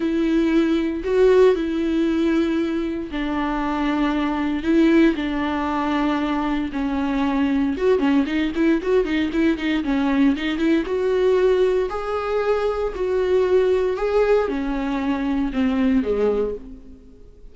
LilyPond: \new Staff \with { instrumentName = "viola" } { \time 4/4 \tempo 4 = 116 e'2 fis'4 e'4~ | e'2 d'2~ | d'4 e'4 d'2~ | d'4 cis'2 fis'8 cis'8 |
dis'8 e'8 fis'8 dis'8 e'8 dis'8 cis'4 | dis'8 e'8 fis'2 gis'4~ | gis'4 fis'2 gis'4 | cis'2 c'4 gis4 | }